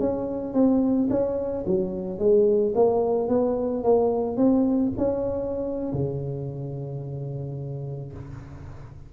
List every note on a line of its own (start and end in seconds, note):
0.00 0.54 C#4
0.54 1.09 C4
1.10 1.65 C#4
1.67 2.19 F#3
2.19 2.74 G#3
2.75 3.29 A#3
3.29 3.84 B3
3.84 4.37 A#3
4.37 4.92 C4
4.97 5.93 C#4
5.93 8.13 C#3